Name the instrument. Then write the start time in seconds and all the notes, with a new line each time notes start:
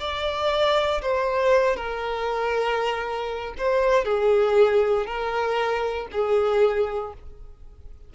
violin
0.00 D5
1.02 C5
1.77 A#4
3.58 C5
4.05 G#4
5.06 A#4
6.12 G#4